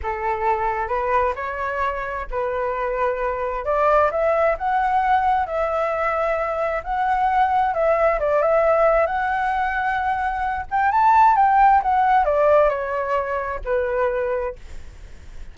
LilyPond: \new Staff \with { instrumentName = "flute" } { \time 4/4 \tempo 4 = 132 a'2 b'4 cis''4~ | cis''4 b'2. | d''4 e''4 fis''2 | e''2. fis''4~ |
fis''4 e''4 d''8 e''4. | fis''2.~ fis''8 g''8 | a''4 g''4 fis''4 d''4 | cis''2 b'2 | }